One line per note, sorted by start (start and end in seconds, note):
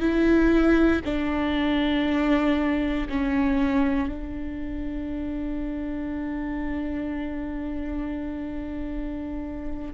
0.00 1.02 E4
1.05 3.08 D4
3.10 4.09 C#4
4.09 9.94 D4